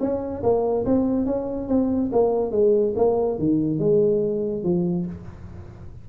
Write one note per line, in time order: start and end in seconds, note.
0.00 0.42 C#4
0.43 0.85 A#3
0.85 1.26 C4
1.26 1.68 C#4
1.68 2.10 C4
2.12 2.51 A#3
2.51 2.94 G#3
2.96 3.38 A#3
3.39 3.79 D#3
3.79 4.63 G#3
4.63 5.06 F3